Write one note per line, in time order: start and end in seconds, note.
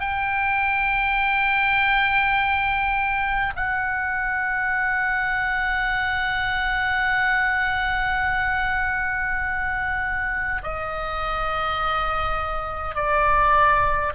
0.00 3.53 G5
3.56 10.62 F#5
10.64 12.95 D#5
12.95 14.13 D5